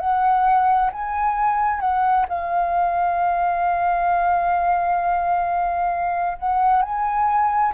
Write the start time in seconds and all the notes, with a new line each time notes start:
0.00 F#5
0.93 G#5
1.81 F#5
2.29 F5
6.39 F#5
6.83 G#5